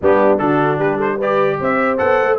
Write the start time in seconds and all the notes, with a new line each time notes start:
0.01 G3 B3 D4 G4
0.38 D3 D4 F#4 A4
0.79 G3 G4 B4
0.96 A4 C5
1.17 G4 B4 D5
1.60 C4 C5 E5
1.97 B3 A4 F#5
2.21 A3